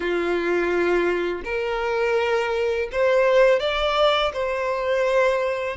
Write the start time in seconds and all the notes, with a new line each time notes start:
0.00 F4
1.44 A#4
2.91 C5
3.59 D5
4.33 C5